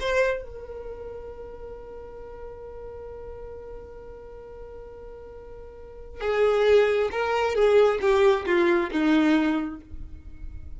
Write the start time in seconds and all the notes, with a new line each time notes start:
0.00 C5
0.42 A#4
6.20 G#4
7.11 A#4
7.54 G#4
8.00 G4
8.45 F4
8.91 D#4